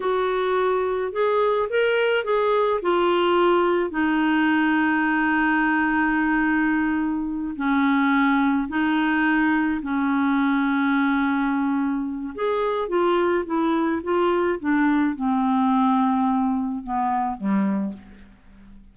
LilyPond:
\new Staff \with { instrumentName = "clarinet" } { \time 4/4 \tempo 4 = 107 fis'2 gis'4 ais'4 | gis'4 f'2 dis'4~ | dis'1~ | dis'4. cis'2 dis'8~ |
dis'4. cis'2~ cis'8~ | cis'2 gis'4 f'4 | e'4 f'4 d'4 c'4~ | c'2 b4 g4 | }